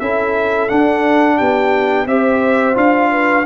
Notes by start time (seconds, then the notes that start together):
0.00 C#4 E4 A4 E5
0.69 D4 F#5
1.37 B3 G4 G5
2.06 C4 G4 C5 E5
2.75 D4 F4 F5
3.11 B4